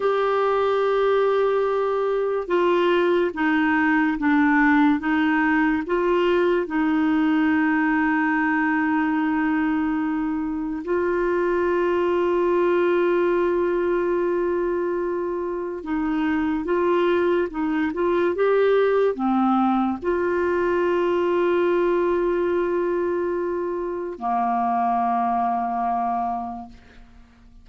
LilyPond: \new Staff \with { instrumentName = "clarinet" } { \time 4/4 \tempo 4 = 72 g'2. f'4 | dis'4 d'4 dis'4 f'4 | dis'1~ | dis'4 f'2.~ |
f'2. dis'4 | f'4 dis'8 f'8 g'4 c'4 | f'1~ | f'4 ais2. | }